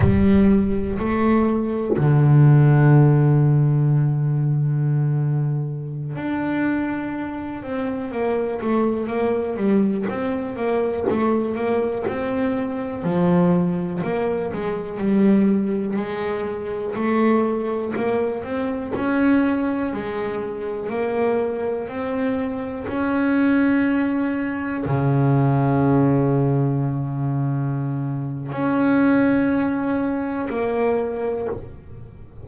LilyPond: \new Staff \with { instrumentName = "double bass" } { \time 4/4 \tempo 4 = 61 g4 a4 d2~ | d2~ d16 d'4. c'16~ | c'16 ais8 a8 ais8 g8 c'8 ais8 a8 ais16~ | ais16 c'4 f4 ais8 gis8 g8.~ |
g16 gis4 a4 ais8 c'8 cis'8.~ | cis'16 gis4 ais4 c'4 cis'8.~ | cis'4~ cis'16 cis2~ cis8.~ | cis4 cis'2 ais4 | }